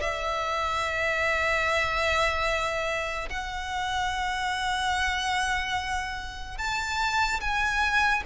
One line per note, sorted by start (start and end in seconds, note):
0.00 3.29 E5
3.30 6.58 F#5
6.58 7.40 A5
7.40 8.23 G#5